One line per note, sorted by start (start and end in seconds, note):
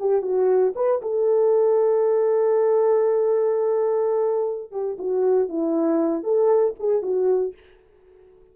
0.00 0.22 G4
0.22 0.73 F#4
0.75 1.01 B4
1.02 4.72 A4
4.72 4.97 G4
4.99 5.48 F#4
5.48 6.24 E4
6.24 6.75 A4
6.79 7.03 G#4
7.03 7.54 F#4